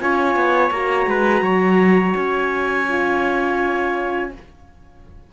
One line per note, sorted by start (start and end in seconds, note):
0.00 0.36 C#4
0.00 0.72 F4
0.00 1.09 C#5
0.00 0.72 G#5
0.36 0.70 B3
0.70 1.06 A#3
0.70 2.88 F#4
0.70 2.16 A#5
1.06 1.42 G#3
1.06 1.43 B4
1.42 2.14 F#3
1.42 4.32 C#5
2.16 4.32 C#4
2.16 4.33 G#5
2.88 4.33 F4